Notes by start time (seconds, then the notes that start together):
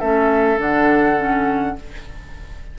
0.00 A3 C#4 A4 E5
0.58 D3 D4 F#5
1.17 C#4